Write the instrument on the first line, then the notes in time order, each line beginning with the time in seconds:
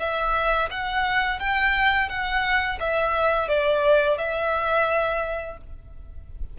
violin
0.00 E5
0.71 F#5
1.40 G5
2.10 F#5
2.80 E5
3.49 D5
4.18 E5